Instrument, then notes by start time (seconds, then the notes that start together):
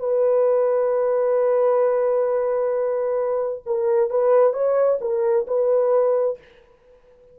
horn
0.00 B4
3.67 A#4
4.10 B4
4.54 C#5
5.02 A#4
5.48 B4